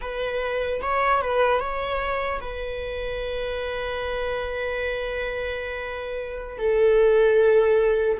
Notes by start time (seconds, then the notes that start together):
0.01 B4
0.81 C#5
1.21 B4
1.60 C#5
2.40 B4
6.57 A4